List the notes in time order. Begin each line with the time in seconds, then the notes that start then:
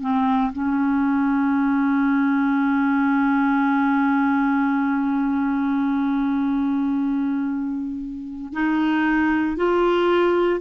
0.00 C4
0.52 C#4
8.53 D#4
9.56 F4